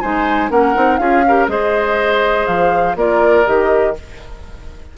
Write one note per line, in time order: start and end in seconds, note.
0.00 0.50 G#3
0.00 0.50 D#4
0.00 0.50 C5
0.00 0.49 G#5
0.50 0.74 A#3
0.50 0.74 C#4
0.50 0.99 A#4
0.50 0.97 F#5
0.74 0.99 C4
0.74 0.99 D#4
0.97 1.47 C#4
0.97 1.23 F4
0.97 1.24 G#4
0.97 1.46 F5
1.27 1.48 G4
1.27 1.50 A#4
1.47 2.46 G#3
1.47 2.95 G#4
1.47 2.97 C5
1.47 2.46 D#5
2.46 2.96 F3
2.46 2.95 F5
2.96 3.45 A#3
2.96 3.45 F4
2.96 3.95 A#4
2.96 3.46 D5
3.45 3.97 D#3
3.45 3.94 G4
3.45 3.95 D#5